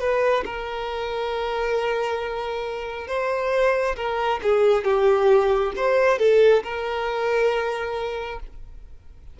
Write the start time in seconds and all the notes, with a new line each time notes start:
0.00 B4
0.45 A#4
3.08 C5
3.96 A#4
4.43 G#4
4.84 G4
5.76 C5
6.19 A4
6.63 A#4